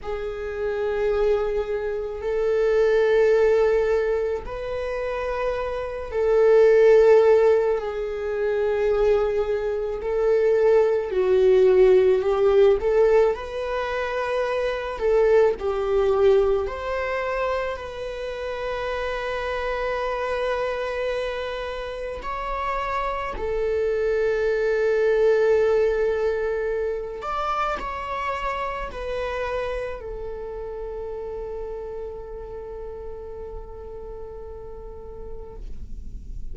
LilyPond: \new Staff \with { instrumentName = "viola" } { \time 4/4 \tempo 4 = 54 gis'2 a'2 | b'4. a'4. gis'4~ | gis'4 a'4 fis'4 g'8 a'8 | b'4. a'8 g'4 c''4 |
b'1 | cis''4 a'2.~ | a'8 d''8 cis''4 b'4 a'4~ | a'1 | }